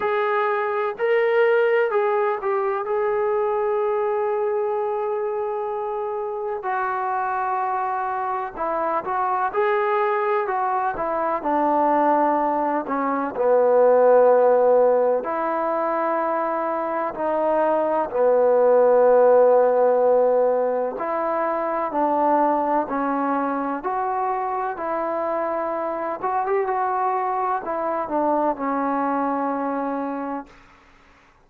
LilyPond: \new Staff \with { instrumentName = "trombone" } { \time 4/4 \tempo 4 = 63 gis'4 ais'4 gis'8 g'8 gis'4~ | gis'2. fis'4~ | fis'4 e'8 fis'8 gis'4 fis'8 e'8 | d'4. cis'8 b2 |
e'2 dis'4 b4~ | b2 e'4 d'4 | cis'4 fis'4 e'4. fis'16 g'16 | fis'4 e'8 d'8 cis'2 | }